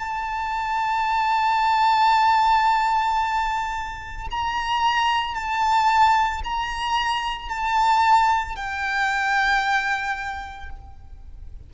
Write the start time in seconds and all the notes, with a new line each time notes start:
0.00 A5
4.31 A#5
5.35 A5
6.44 A#5
7.50 A5
8.56 G5